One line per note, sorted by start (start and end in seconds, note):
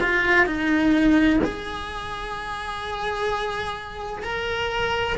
0.00 0.46 F4
0.46 1.40 D#4
1.44 4.23 G#4
4.23 5.16 A#4